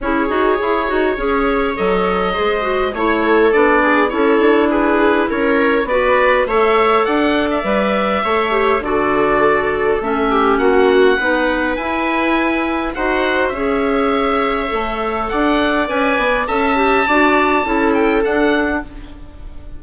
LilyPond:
<<
  \new Staff \with { instrumentName = "oboe" } { \time 4/4 \tempo 4 = 102 cis''2. dis''4~ | dis''4 cis''4 d''4 cis''4 | b'4 cis''4 d''4 e''4 | fis''8. e''2~ e''16 d''4~ |
d''4 e''4 fis''2 | gis''2 fis''4 e''4~ | e''2 fis''4 gis''4 | a''2~ a''8 g''8 fis''4 | }
  \new Staff \with { instrumentName = "viola" } { \time 4/4 gis'2 cis''2 | c''4 cis''8 a'4 gis'8 a'4 | gis'4 ais'4 b'4 cis''4 | d''2 cis''4 a'4~ |
a'4. g'8 fis'4 b'4~ | b'2 c''4 cis''4~ | cis''2 d''2 | e''4 d''4 a'2 | }
  \new Staff \with { instrumentName = "clarinet" } { \time 4/4 e'8 fis'8 gis'8 fis'8 gis'4 a'4 | gis'8 fis'8 e'4 d'4 e'4~ | e'2 fis'4 a'4~ | a'4 b'4 a'8 g'8 fis'4~ |
fis'4 cis'2 dis'4 | e'2 fis'4 gis'4~ | gis'4 a'2 b'4 | a'8 g'8 fis'4 e'4 d'4 | }
  \new Staff \with { instrumentName = "bassoon" } { \time 4/4 cis'8 dis'8 e'8 dis'8 cis'4 fis4 | gis4 a4 b4 cis'8 d'8~ | d'4 cis'4 b4 a4 | d'4 g4 a4 d4~ |
d4 a4 ais4 b4 | e'2 dis'4 cis'4~ | cis'4 a4 d'4 cis'8 b8 | cis'4 d'4 cis'4 d'4 | }
>>